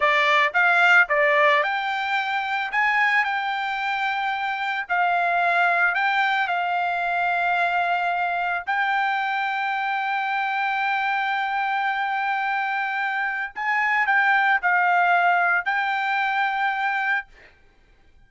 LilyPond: \new Staff \with { instrumentName = "trumpet" } { \time 4/4 \tempo 4 = 111 d''4 f''4 d''4 g''4~ | g''4 gis''4 g''2~ | g''4 f''2 g''4 | f''1 |
g''1~ | g''1~ | g''4 gis''4 g''4 f''4~ | f''4 g''2. | }